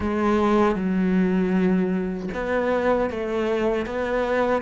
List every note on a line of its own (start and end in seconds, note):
0.00 0.75 G#3
0.75 2.29 F#3
2.34 3.10 B3
3.10 3.86 A3
3.86 4.62 B3